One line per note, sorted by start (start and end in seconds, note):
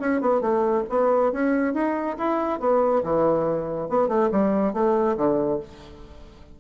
0.00 0.21 C#4
0.21 0.41 B3
0.41 0.84 A3
0.90 1.32 B3
1.32 1.74 C#4
1.74 2.17 D#4
2.18 2.60 E4
2.60 3.03 B3
3.04 3.89 E3
3.89 4.09 B3
4.09 4.30 A3
4.32 4.73 G3
4.73 5.16 A3
5.17 5.60 D3